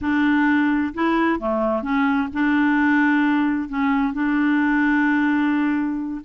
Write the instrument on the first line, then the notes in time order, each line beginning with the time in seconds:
clarinet
0.01 D4
0.94 E4
1.39 A3
1.82 C#4
2.33 D4
3.68 C#4
4.13 D4